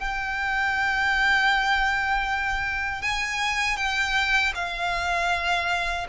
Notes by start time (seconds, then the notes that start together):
0.00 G5
3.02 G#5
3.77 G5
4.55 F5